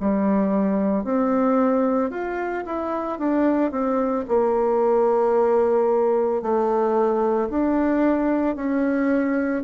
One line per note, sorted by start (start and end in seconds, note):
0.00 1.04 G3
1.04 2.10 C4
2.10 2.64 F4
2.66 3.19 E4
3.19 3.71 D4
3.71 4.25 C4
4.28 6.42 A#3
6.42 7.49 A3
7.50 8.56 D4
8.56 9.63 C#4